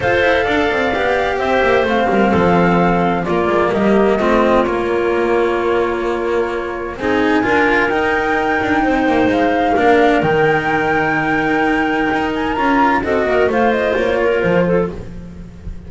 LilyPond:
<<
  \new Staff \with { instrumentName = "flute" } { \time 4/4 \tempo 4 = 129 f''2. e''4 | f''2. d''4 | dis''2 cis''2~ | cis''2. gis''4~ |
gis''4 g''2. | f''2 g''2~ | g''2~ g''8 gis''8 ais''4 | dis''4 f''8 dis''8 cis''4 c''4 | }
  \new Staff \with { instrumentName = "clarinet" } { \time 4/4 c''4 d''2 c''4~ | c''8 ais'8 a'2 f'4 | g'4 f'2.~ | f'2. gis'4 |
ais'2. c''4~ | c''4 ais'2.~ | ais'1 | a'8 ais'8 c''4. ais'4 a'8 | }
  \new Staff \with { instrumentName = "cello" } { \time 4/4 a'2 g'2 | c'2. ais4~ | ais4 c'4 ais2~ | ais2. dis'4 |
f'4 dis'2.~ | dis'4 d'4 dis'2~ | dis'2. f'4 | fis'4 f'2. | }
  \new Staff \with { instrumentName = "double bass" } { \time 4/4 f'8 e'8 d'8 c'8 b4 c'8 ais8 | a8 g8 f2 ais8 gis8 | g4 a4 ais2~ | ais2. c'4 |
d'4 dis'4. d'8 c'8 ais8 | gis4 ais4 dis2~ | dis2 dis'4 cis'4 | c'8 ais8 a4 ais4 f4 | }
>>